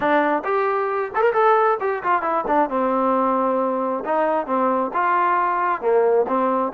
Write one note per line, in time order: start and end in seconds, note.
0.00 0.43 D4
0.44 1.11 G4
1.15 1.21 A4
1.21 1.32 A#4
1.33 1.78 A4
1.80 2.02 G4
2.03 2.21 F4
2.21 2.44 E4
2.47 2.69 D4
2.69 4.04 C4
4.05 4.46 D#4
4.46 4.91 C4
4.93 5.81 F4
5.81 6.26 A#3
6.27 6.72 C4